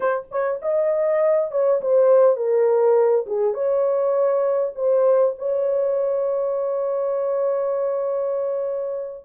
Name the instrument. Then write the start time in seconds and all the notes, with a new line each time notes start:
horn
0.00 C5
0.31 C#5
0.62 D#5
1.51 C#5
1.81 C5
2.36 A#4
3.26 G#4
3.54 C#5
4.75 C5
5.38 C#5